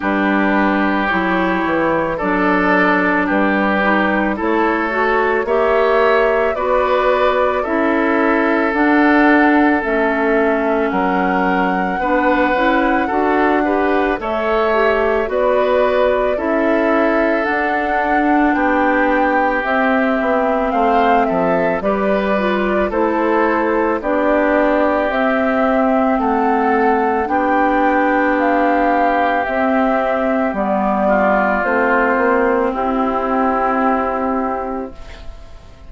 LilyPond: <<
  \new Staff \with { instrumentName = "flute" } { \time 4/4 \tempo 4 = 55 b'4 cis''4 d''4 b'4 | cis''4 e''4 d''4 e''4 | fis''4 e''4 fis''2~ | fis''4 e''4 d''4 e''4 |
fis''4 g''4 e''4 f''8 e''8 | d''4 c''4 d''4 e''4 | fis''4 g''4 f''4 e''4 | d''4 c''4 g'2 | }
  \new Staff \with { instrumentName = "oboe" } { \time 4/4 g'2 a'4 g'4 | a'4 cis''4 b'4 a'4~ | a'2 ais'4 b'4 | a'8 b'8 cis''4 b'4 a'4~ |
a'4 g'2 c''8 a'8 | b'4 a'4 g'2 | a'4 g'2.~ | g'8 f'4. e'2 | }
  \new Staff \with { instrumentName = "clarinet" } { \time 4/4 d'4 e'4 d'4. dis'8 | e'8 fis'8 g'4 fis'4 e'4 | d'4 cis'2 d'8 e'8 | fis'8 g'8 a'8 g'8 fis'4 e'4 |
d'2 c'2 | g'8 f'8 e'4 d'4 c'4~ | c'4 d'2 c'4 | b4 c'2. | }
  \new Staff \with { instrumentName = "bassoon" } { \time 4/4 g4 fis8 e8 fis4 g4 | a4 ais4 b4 cis'4 | d'4 a4 fis4 b8 cis'8 | d'4 a4 b4 cis'4 |
d'4 b4 c'8 b8 a8 f8 | g4 a4 b4 c'4 | a4 b2 c'4 | g4 a8 ais8 c'2 | }
>>